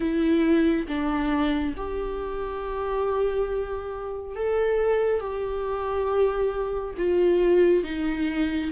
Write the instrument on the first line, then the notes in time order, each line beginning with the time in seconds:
viola
0.00 E4
0.87 D4
1.76 G4
4.35 A4
5.20 G4
6.97 F4
7.83 D#4